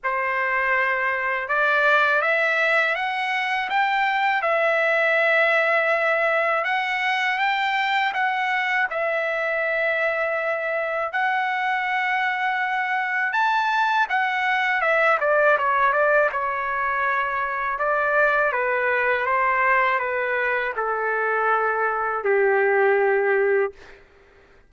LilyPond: \new Staff \with { instrumentName = "trumpet" } { \time 4/4 \tempo 4 = 81 c''2 d''4 e''4 | fis''4 g''4 e''2~ | e''4 fis''4 g''4 fis''4 | e''2. fis''4~ |
fis''2 a''4 fis''4 | e''8 d''8 cis''8 d''8 cis''2 | d''4 b'4 c''4 b'4 | a'2 g'2 | }